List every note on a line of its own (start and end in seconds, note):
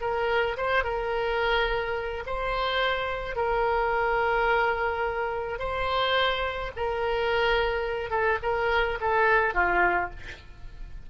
0.00 0.56 A#4
0.57 0.83 C5
0.83 2.24 A#4
2.26 3.35 C5
3.35 5.59 A#4
5.59 6.71 C5
6.76 8.10 A#4
8.10 8.38 A4
8.42 8.98 A#4
9.00 9.54 A4
9.54 10.10 F4